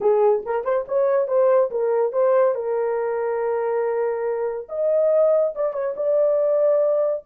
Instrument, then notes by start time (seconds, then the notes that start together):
horn
0.01 G#4
0.45 A#4
0.64 C5
0.87 C#5
1.27 C5
1.70 A#4
2.12 C5
2.55 A#4
4.68 D#5
5.55 D5
5.73 C#5
5.96 D5